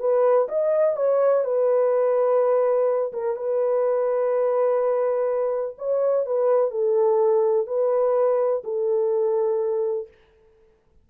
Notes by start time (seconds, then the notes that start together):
0.00 B4
0.49 D#5
0.97 C#5
1.45 B4
3.13 A#4
3.36 B4
5.78 C#5
6.26 B4
6.71 A4
7.67 B4
8.65 A4